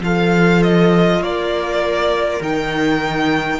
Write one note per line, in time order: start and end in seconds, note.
0.00 1.20 F3
0.00 2.42 F4
0.00 1.19 A4
0.00 0.63 F5
0.63 1.23 D#5
1.19 2.40 A#3
1.19 3.59 A#4
1.19 2.43 D5
2.41 3.60 D#3
2.41 3.60 D#4
2.41 3.60 G5